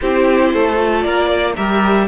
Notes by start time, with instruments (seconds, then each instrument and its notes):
0.01 cello C4, viola E4, violin G4 C5
0.53 cello A3, violin A4
0.76 viola F4
1.01 cello A#3, violin A#4 D5
1.27 violin D5
1.56 cello G3, viola G4, violin A#4 E5